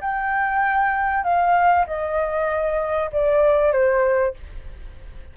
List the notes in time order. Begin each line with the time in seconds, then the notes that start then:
0.00 G5
1.23 F5
1.86 D#5
3.12 D5
3.72 C5